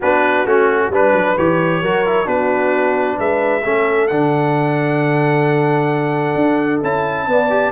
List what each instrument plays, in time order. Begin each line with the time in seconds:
0.00 tuba B3, trombone D4, horn F#4, trumpet B4
0.45 tuba A3, trombone C#4, trumpet F#4
0.89 tuba G3, trombone D4, horn B4, trumpet B4
1.13 tuba F#3
1.37 tuba E3, trombone G4, trumpet C#5
1.82 tuba F#3, trombone F#4, horn A#4
2.05 trombone E4
2.24 tuba B3, trombone D4, horn F#4, trumpet B4
3.17 tuba G#3, horn B4, trumpet E5
3.63 tuba A3, trombone C#4, horn A4
4.07 tuba D3, trombone D4, trumpet F#5
6.35 tuba D4
6.82 tuba C#4, trombone E4, trumpet A5
7.27 tuba B3, trombone B3, horn D5
7.49 trombone G4